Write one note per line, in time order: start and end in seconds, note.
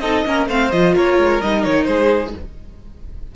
0.00 0.24 C4
0.00 0.26 D#4
0.00 0.25 A4
0.00 0.47 D#5
0.26 0.46 A#3
0.26 0.49 C#4
0.26 0.48 A#4
0.46 0.70 A3
0.46 0.73 C4
0.46 0.94 C5
0.46 0.71 F5
0.71 0.96 F3
0.71 1.42 F4
0.71 0.95 D#5
0.94 1.18 A#3
0.94 1.87 A#4
0.94 1.41 C#5
1.18 1.42 G#3
1.41 1.66 G3
1.41 2.36 D#4
1.41 1.64 D#5
1.64 1.87 D#3
1.64 1.85 C#5
1.85 2.34 G#3
1.85 2.35 G#4
1.85 2.31 C5